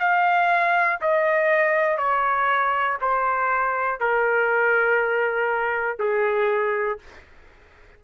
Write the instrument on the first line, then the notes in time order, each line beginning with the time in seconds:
trumpet
0.00 F5
1.01 D#5
1.98 C#5
3.01 C5
4.00 A#4
5.99 G#4